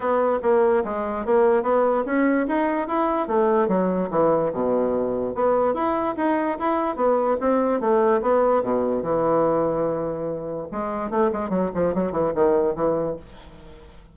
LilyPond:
\new Staff \with { instrumentName = "bassoon" } { \time 4/4 \tempo 4 = 146 b4 ais4 gis4 ais4 | b4 cis'4 dis'4 e'4 | a4 fis4 e4 b,4~ | b,4 b4 e'4 dis'4 |
e'4 b4 c'4 a4 | b4 b,4 e2~ | e2 gis4 a8 gis8 | fis8 f8 fis8 e8 dis4 e4 | }